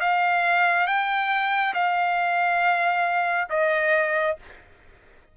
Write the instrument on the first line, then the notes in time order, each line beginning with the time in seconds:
trumpet
0.00 F5
0.87 G5
1.74 F5
3.50 D#5